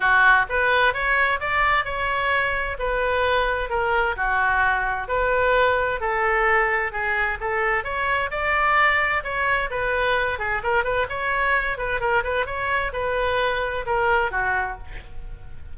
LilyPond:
\new Staff \with { instrumentName = "oboe" } { \time 4/4 \tempo 4 = 130 fis'4 b'4 cis''4 d''4 | cis''2 b'2 | ais'4 fis'2 b'4~ | b'4 a'2 gis'4 |
a'4 cis''4 d''2 | cis''4 b'4. gis'8 ais'8 b'8 | cis''4. b'8 ais'8 b'8 cis''4 | b'2 ais'4 fis'4 | }